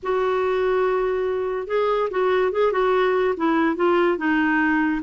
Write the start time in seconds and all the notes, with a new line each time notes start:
0.02 F#4
1.67 G#4
2.10 F#4
2.52 G#4
2.72 F#4
3.36 E4
3.76 F4
4.17 D#4